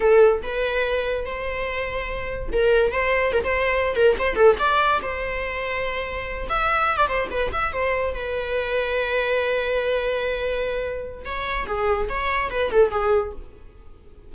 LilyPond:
\new Staff \with { instrumentName = "viola" } { \time 4/4 \tempo 4 = 144 a'4 b'2 c''4~ | c''2 ais'4 c''4 | ais'16 c''4~ c''16 ais'8 c''8 a'8 d''4 | c''2.~ c''8 e''8~ |
e''8. d''16 c''8 b'8 e''8 c''4 b'8~ | b'1~ | b'2. cis''4 | gis'4 cis''4 b'8 a'8 gis'4 | }